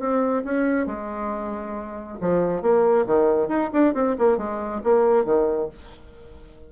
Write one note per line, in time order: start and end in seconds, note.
0.00 0.44 C4
0.45 0.87 C#4
0.87 2.18 G#3
2.21 2.62 F3
2.62 3.06 A#3
3.07 3.49 D#3
3.49 3.70 D#4
3.73 3.94 D4
3.94 4.16 C4
4.19 4.38 A#3
4.38 4.82 G#3
4.84 5.25 A#3
5.25 5.69 D#3